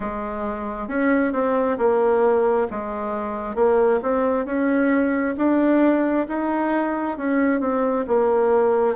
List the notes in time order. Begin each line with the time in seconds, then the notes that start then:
0.00 G#3
0.88 C#4
1.32 C4
1.77 A#3
2.70 G#3
3.55 A#3
4.02 C4
4.45 C#4
5.37 D4
6.28 D#4
7.17 C#4
7.60 C4
8.07 A#3